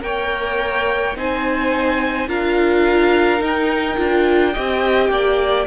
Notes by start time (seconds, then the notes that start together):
0.00 A#3 A#4 C#5 G5
1.16 C4 D#4 C5 G#5
2.28 D4 F4 A#4 F5
3.39 D#4 G5
3.97 D4 F4
4.53 C4 G4 D#5
5.09 A#3 D5